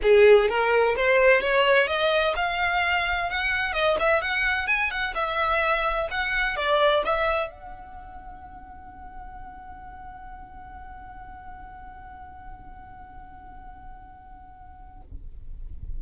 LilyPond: \new Staff \with { instrumentName = "violin" } { \time 4/4 \tempo 4 = 128 gis'4 ais'4 c''4 cis''4 | dis''4 f''2 fis''4 | dis''8 e''8 fis''4 gis''8 fis''8 e''4~ | e''4 fis''4 d''4 e''4 |
fis''1~ | fis''1~ | fis''1~ | fis''1 | }